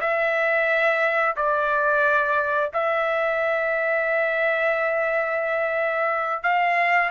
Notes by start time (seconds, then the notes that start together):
0.00 E5
1.36 D5
2.73 E5
6.43 F5